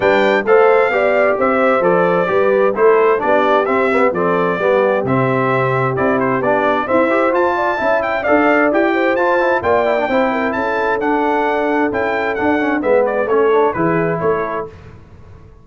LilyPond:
<<
  \new Staff \with { instrumentName = "trumpet" } { \time 4/4 \tempo 4 = 131 g''4 f''2 e''4 | d''2 c''4 d''4 | e''4 d''2 e''4~ | e''4 d''8 c''8 d''4 e''4 |
a''4. g''8 f''4 g''4 | a''4 g''2 a''4 | fis''2 g''4 fis''4 | e''8 d''8 cis''4 b'4 cis''4 | }
  \new Staff \with { instrumentName = "horn" } { \time 4/4 b'4 c''4 d''4 c''4~ | c''4 b'4 a'4 g'4~ | g'4 a'4 g'2~ | g'2. c''4~ |
c''8 d''8 e''4 d''4. c''8~ | c''4 d''4 c''8 ais'8 a'4~ | a'1 | b'4 a'4 gis'4 a'4 | }
  \new Staff \with { instrumentName = "trombone" } { \time 4/4 d'4 a'4 g'2 | a'4 g'4 e'4 d'4 | c'8 b8 c'4 b4 c'4~ | c'4 e'4 d'4 c'8 g'8 |
f'4 e'4 a'4 g'4 | f'8 e'8 f'8 e'16 d'16 e'2 | d'2 e'4 d'8 cis'8 | b4 cis'8 d'8 e'2 | }
  \new Staff \with { instrumentName = "tuba" } { \time 4/4 g4 a4 b4 c'4 | f4 g4 a4 b4 | c'4 f4 g4 c4~ | c4 c'4 b4 e'4 |
f'4 cis'4 d'4 e'4 | f'4 ais4 c'4 cis'4 | d'2 cis'4 d'4 | gis4 a4 e4 a4 | }
>>